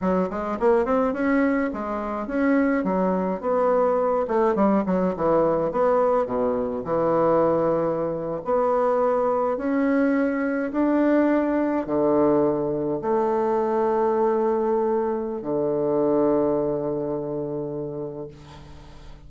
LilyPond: \new Staff \with { instrumentName = "bassoon" } { \time 4/4 \tempo 4 = 105 fis8 gis8 ais8 c'8 cis'4 gis4 | cis'4 fis4 b4. a8 | g8 fis8 e4 b4 b,4 | e2~ e8. b4~ b16~ |
b8. cis'2 d'4~ d'16~ | d'8. d2 a4~ a16~ | a2. d4~ | d1 | }